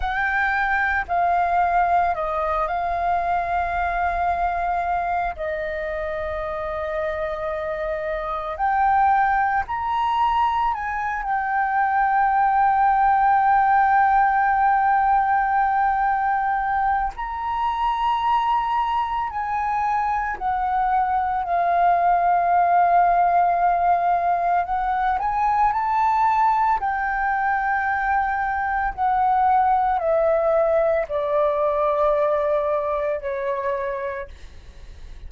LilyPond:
\new Staff \with { instrumentName = "flute" } { \time 4/4 \tempo 4 = 56 g''4 f''4 dis''8 f''4.~ | f''4 dis''2. | g''4 ais''4 gis''8 g''4.~ | g''1 |
ais''2 gis''4 fis''4 | f''2. fis''8 gis''8 | a''4 g''2 fis''4 | e''4 d''2 cis''4 | }